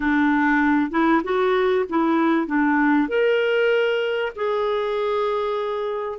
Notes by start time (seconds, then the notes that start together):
0.00 D4
0.91 E4
1.23 F#4
1.89 E4
2.47 D4
3.08 A#4
4.35 G#4